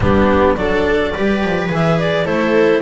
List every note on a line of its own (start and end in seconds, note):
0.00 0.54 G3
0.00 0.57 B3
0.00 0.58 D4
0.00 0.55 G4
0.55 1.13 F#3
0.55 1.13 D4
0.55 1.13 A4
0.55 1.69 D5
1.13 1.43 G3
1.13 1.69 G4
1.13 2.24 B4
1.43 1.69 F3
1.69 2.25 E3
1.69 2.25 G#4
1.69 1.99 E5
1.99 2.26 D5
2.24 2.82 A3
2.24 2.81 E4
2.24 2.81 A4
2.24 2.82 C5